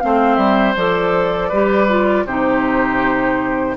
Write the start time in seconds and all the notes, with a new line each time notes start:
0.00 A3 C4 C5 F5
0.36 G3 E5
0.76 F3 A4 D5
1.49 G3 G4 B4
1.89 F4
2.26 C3 D#4 G4 C5